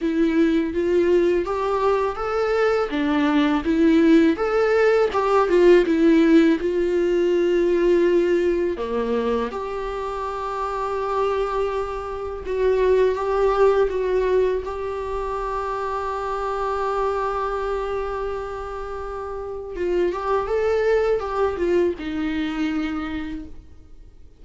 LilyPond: \new Staff \with { instrumentName = "viola" } { \time 4/4 \tempo 4 = 82 e'4 f'4 g'4 a'4 | d'4 e'4 a'4 g'8 f'8 | e'4 f'2. | ais4 g'2.~ |
g'4 fis'4 g'4 fis'4 | g'1~ | g'2. f'8 g'8 | a'4 g'8 f'8 dis'2 | }